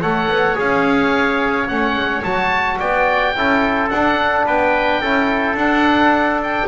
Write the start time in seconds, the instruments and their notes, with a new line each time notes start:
0.00 double bass A3, trombone A4, trumpet C#5, oboe F#5
0.27 double bass B3
0.54 double bass C#4, trombone G#4, oboe F5
1.68 double bass A3, trombone C#4, oboe F#5
1.95 double bass G#3
2.23 double bass F#3, trombone F#4, oboe A5
2.79 double bass B3, trumpet D5, oboe G5
3.35 double bass C#4, trombone E4, trumpet A4
3.89 double bass D4, trombone D4, oboe F#5
4.45 double bass B3, trumpet B4, oboe G5
5.00 double bass C#4, trombone E4, trumpet A4
5.53 double bass D4, trombone D4, oboe F#5
6.43 oboe G5